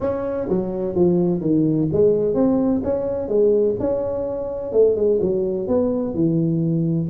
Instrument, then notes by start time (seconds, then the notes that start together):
tuba
0.00 C#4
0.49 F#3
0.95 F3
1.40 D#3
1.92 G#3
2.34 C4
2.83 C#4
3.28 G#3
3.79 C#4
4.72 A3
4.96 G#3
5.21 F#3
5.67 B3
6.14 E3